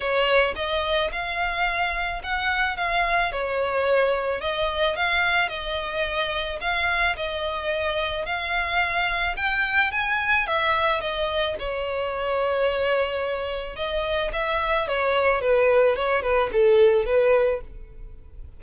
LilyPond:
\new Staff \with { instrumentName = "violin" } { \time 4/4 \tempo 4 = 109 cis''4 dis''4 f''2 | fis''4 f''4 cis''2 | dis''4 f''4 dis''2 | f''4 dis''2 f''4~ |
f''4 g''4 gis''4 e''4 | dis''4 cis''2.~ | cis''4 dis''4 e''4 cis''4 | b'4 cis''8 b'8 a'4 b'4 | }